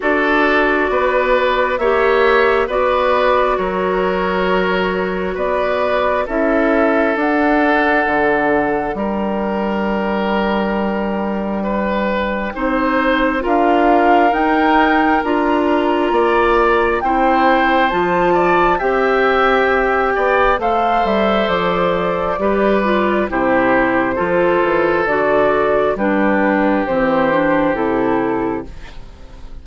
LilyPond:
<<
  \new Staff \with { instrumentName = "flute" } { \time 4/4 \tempo 4 = 67 d''2 e''4 d''4 | cis''2 d''4 e''4 | fis''2 g''2~ | g''2. f''4 |
g''4 ais''2 g''4 | a''4 g''2 f''8 e''8 | d''2 c''2 | d''4 b'4 c''4 a'4 | }
  \new Staff \with { instrumentName = "oboe" } { \time 4/4 a'4 b'4 cis''4 b'4 | ais'2 b'4 a'4~ | a'2 ais'2~ | ais'4 b'4 c''4 ais'4~ |
ais'2 d''4 c''4~ | c''8 d''8 e''4. d''8 c''4~ | c''4 b'4 g'4 a'4~ | a'4 g'2. | }
  \new Staff \with { instrumentName = "clarinet" } { \time 4/4 fis'2 g'4 fis'4~ | fis'2. e'4 | d'1~ | d'2 dis'4 f'4 |
dis'4 f'2 e'4 | f'4 g'2 a'4~ | a'4 g'8 f'8 e'4 f'4 | fis'4 d'4 c'8 d'8 e'4 | }
  \new Staff \with { instrumentName = "bassoon" } { \time 4/4 d'4 b4 ais4 b4 | fis2 b4 cis'4 | d'4 d4 g2~ | g2 c'4 d'4 |
dis'4 d'4 ais4 c'4 | f4 c'4. b8 a8 g8 | f4 g4 c4 f8 e8 | d4 g4 e4 c4 | }
>>